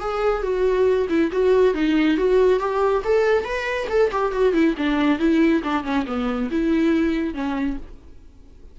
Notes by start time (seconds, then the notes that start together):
0.00 G#4
0.42 F#4
1.09 E4
1.32 F#4
1.74 D#4
2.17 F#4
2.60 G4
3.04 A4
3.44 B4
3.89 A4
4.11 G4
4.32 F#4
4.53 E4
4.77 D4
5.19 E4
5.63 D4
5.84 C#4
6.06 B3
6.51 E4
7.34 C#4